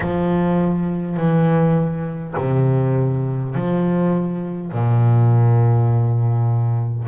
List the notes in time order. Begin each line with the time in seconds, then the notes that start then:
0.00 F3
1.17 E3
2.37 C3
3.55 F3
4.72 A#2